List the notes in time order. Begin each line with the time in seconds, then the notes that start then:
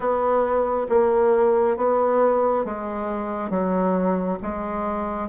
0.00 B3
0.89 A#3
1.76 B3
2.64 G#3
3.49 F#3
4.42 G#3